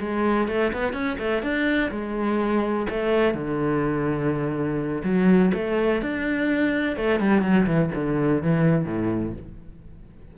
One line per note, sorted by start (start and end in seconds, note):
0.00 0.48 G#3
0.48 0.72 A3
0.73 0.93 B3
0.93 1.17 C#4
1.19 1.42 A3
1.42 1.90 D4
1.91 2.87 G#3
2.90 3.34 A3
3.34 5.02 D3
5.04 5.52 F#3
5.54 6.02 A3
6.02 6.97 D4
6.97 7.20 A3
7.20 7.42 G3
7.42 7.66 F#3
7.66 7.90 E3
7.95 8.43 D3
8.43 8.85 E3
8.85 9.33 A2